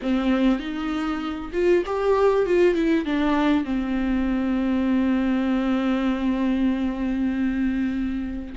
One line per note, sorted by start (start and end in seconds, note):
0.02 0.59 C4
0.59 1.51 D#4
1.53 1.83 F4
1.86 2.45 G4
2.45 2.74 F4
2.74 3.05 E4
3.05 3.64 D4
3.64 8.54 C4